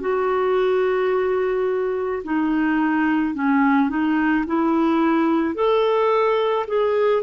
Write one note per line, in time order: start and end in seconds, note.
0.00 2.22 F#4
2.23 3.34 D#4
3.34 3.89 C#4
3.89 4.44 D#4
4.46 5.55 E4
5.55 6.66 A4
6.67 7.22 G#4